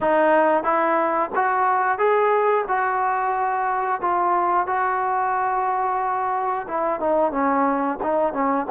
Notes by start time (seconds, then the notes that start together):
0.01 D#4
0.63 E4
1.35 F#4
1.98 G#4
2.68 F#4
4.01 F4
4.67 F#4
6.68 E4
6.99 D#4
7.32 C#4
8.02 D#4
8.33 C#4